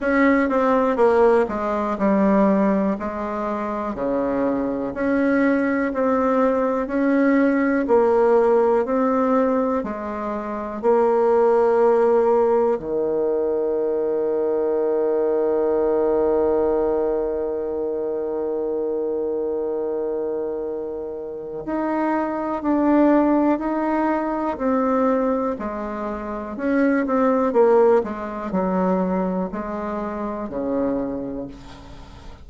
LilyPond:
\new Staff \with { instrumentName = "bassoon" } { \time 4/4 \tempo 4 = 61 cis'8 c'8 ais8 gis8 g4 gis4 | cis4 cis'4 c'4 cis'4 | ais4 c'4 gis4 ais4~ | ais4 dis2.~ |
dis1~ | dis2 dis'4 d'4 | dis'4 c'4 gis4 cis'8 c'8 | ais8 gis8 fis4 gis4 cis4 | }